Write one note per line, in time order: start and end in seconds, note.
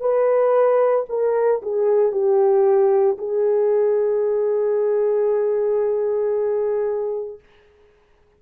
0.00 1.05 B4
1.09 1.61 A#4
1.62 2.11 G#4
2.11 3.17 G4
3.18 7.39 G#4